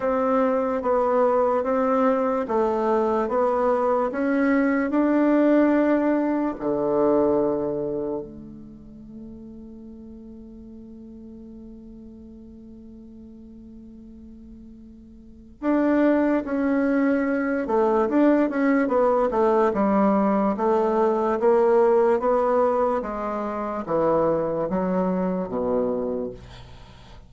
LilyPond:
\new Staff \with { instrumentName = "bassoon" } { \time 4/4 \tempo 4 = 73 c'4 b4 c'4 a4 | b4 cis'4 d'2 | d2 a2~ | a1~ |
a2. d'4 | cis'4. a8 d'8 cis'8 b8 a8 | g4 a4 ais4 b4 | gis4 e4 fis4 b,4 | }